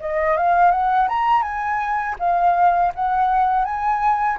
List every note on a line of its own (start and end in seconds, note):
0.00 0.37 D#5
0.37 0.71 F5
0.71 1.08 F#5
1.08 1.42 A#5
1.42 2.16 G#5
2.19 2.92 F5
2.95 3.65 F#5
3.65 4.38 G#5